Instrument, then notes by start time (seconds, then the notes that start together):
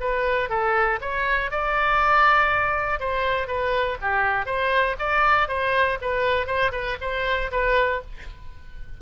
oboe
0.00 B4
0.49 A4
1.01 C#5
1.51 D5
2.99 C5
3.47 B4
4.01 G4
4.45 C5
4.99 D5
5.48 C5
6.01 B4
6.46 C5
6.72 B4
7.01 C5
7.51 B4